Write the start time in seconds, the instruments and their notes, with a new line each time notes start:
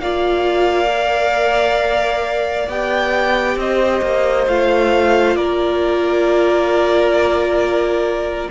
0.00 cello A#3, viola F4, violin D5 F5
0.87 viola A#4
2.69 cello B3, viola G4, violin G5
3.56 cello C4, violin C5 D#5
4.02 cello A#3
4.48 cello A3, viola F4, violin F5
5.36 cello A#3, violin A#4 D5